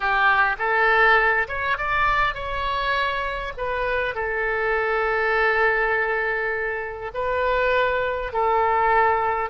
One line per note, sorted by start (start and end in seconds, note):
0.00 0.56 G4
0.58 1.47 A4
1.47 1.77 C#5
1.77 2.34 D5
2.34 3.53 C#5
3.57 4.14 B4
4.14 7.11 A4
7.14 8.32 B4
8.32 9.50 A4